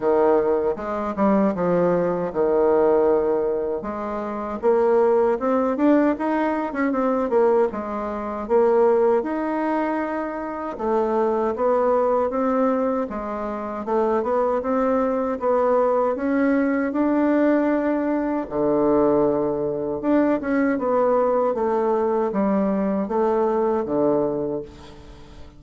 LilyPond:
\new Staff \with { instrumentName = "bassoon" } { \time 4/4 \tempo 4 = 78 dis4 gis8 g8 f4 dis4~ | dis4 gis4 ais4 c'8 d'8 | dis'8. cis'16 c'8 ais8 gis4 ais4 | dis'2 a4 b4 |
c'4 gis4 a8 b8 c'4 | b4 cis'4 d'2 | d2 d'8 cis'8 b4 | a4 g4 a4 d4 | }